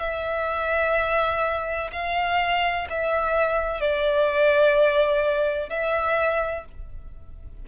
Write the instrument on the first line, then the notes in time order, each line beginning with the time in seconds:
violin
0.00 E5
1.92 F5
2.90 E5
3.81 D5
5.70 E5